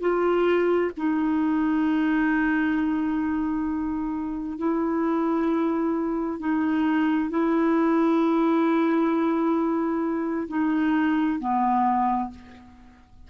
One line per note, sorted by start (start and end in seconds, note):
0.00 0.91 F4
0.96 4.57 D#4
4.57 6.39 E4
6.39 7.29 D#4
7.29 10.48 E4
10.48 11.39 D#4
11.39 12.30 B3